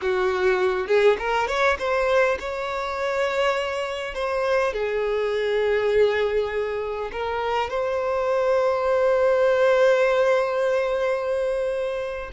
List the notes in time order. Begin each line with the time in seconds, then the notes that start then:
0.01 F#4
0.87 G#4
1.18 A#4
1.47 C#5
1.78 C5
2.39 C#5
4.14 C5
4.73 G#4
7.12 A#4
7.70 C5